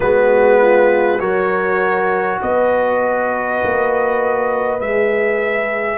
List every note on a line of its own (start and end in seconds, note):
0.00 1.20 G#3
0.00 1.19 B3
0.00 0.60 F#4
0.00 1.20 B4
0.61 1.20 F4
1.19 2.40 F#3
1.19 4.79 F#4
1.19 2.40 A#4
1.19 2.40 C#5
2.41 3.62 B3
2.41 5.98 B4
2.41 4.80 D#5
3.63 4.80 A#3
4.79 5.98 G#3
4.79 5.98 G#4
4.79 5.98 E5